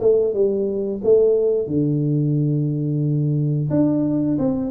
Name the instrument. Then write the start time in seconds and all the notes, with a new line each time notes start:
tuba
0.00 A3
0.33 G3
1.04 A3
1.67 D3
3.70 D4
4.38 C4